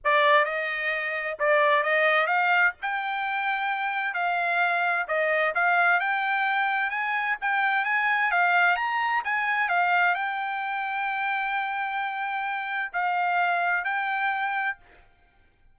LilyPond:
\new Staff \with { instrumentName = "trumpet" } { \time 4/4 \tempo 4 = 130 d''4 dis''2 d''4 | dis''4 f''4 g''2~ | g''4 f''2 dis''4 | f''4 g''2 gis''4 |
g''4 gis''4 f''4 ais''4 | gis''4 f''4 g''2~ | g''1 | f''2 g''2 | }